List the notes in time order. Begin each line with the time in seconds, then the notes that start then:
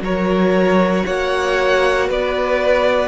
0.00 F#3 F#4 A#4 C#5
1.05 A#3 C#5 F#5
2.08 B3 B4 D5